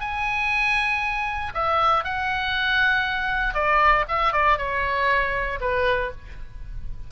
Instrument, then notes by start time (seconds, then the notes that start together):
oboe
0.00 G#5
1.54 E5
2.04 F#5
3.54 D5
4.08 E5
4.32 D5
4.57 C#5
5.60 B4